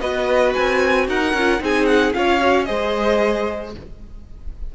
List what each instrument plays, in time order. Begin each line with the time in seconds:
0.00 cello B3, viola F#4, violin B4 D#5
0.54 cello C4, violin G#5
1.08 cello D#4, violin A#4 F#5
1.33 cello C#4, viola F4
1.59 cello C4, viola D#4, violin G#4 G#5
1.85 violin F#5
2.14 cello C#4, viola F4, violin C#5 F5
2.40 viola F#4
2.64 cello G#3, viola G#4, violin C5 D#5